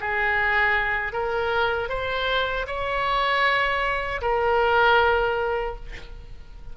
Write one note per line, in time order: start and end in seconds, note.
0.00 1.12 G#4
1.12 1.89 A#4
1.89 2.66 C5
2.67 4.21 C#5
4.21 5.75 A#4